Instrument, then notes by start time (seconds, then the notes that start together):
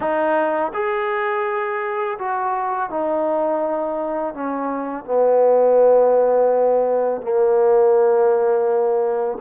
trombone
0.00 D#4
0.73 G#4
2.19 F#4
2.90 D#4
4.34 C#4
5.04 B3
7.21 A#3